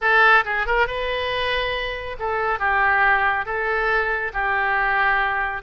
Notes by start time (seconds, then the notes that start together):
0.01 A4
0.44 G#4
0.66 A#4
0.87 B4
2.19 A4
2.59 G4
3.45 A4
4.33 G4